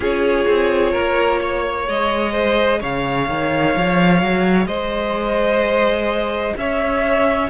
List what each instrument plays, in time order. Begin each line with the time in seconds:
0.00 cello C#4, viola F4, violin G#4 C#5
0.47 cello C4
0.92 cello A#3, violin A#4
1.41 violin C#5
1.84 cello G#3, viola G#4, violin D#5
2.32 violin C5
2.80 cello C#3, violin C#5 F5
3.29 cello D#3
3.76 cello F3
4.21 cello F#3
4.65 cello G#3, violin C5 D#5
6.56 cello C#4, violin C#5 E5